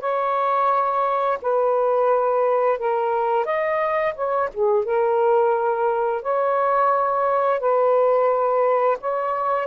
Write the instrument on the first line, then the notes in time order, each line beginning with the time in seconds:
saxophone
0.00 C#5
1.42 B4
2.79 A#4
3.45 D#5
4.15 C#5
4.54 G#4
4.85 A#4
6.22 C#5
7.60 B4
9.01 C#5